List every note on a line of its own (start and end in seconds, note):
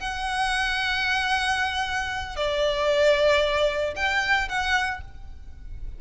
0.00 2.37 F#5
2.37 3.94 D5
3.96 4.49 G5
4.49 5.01 F#5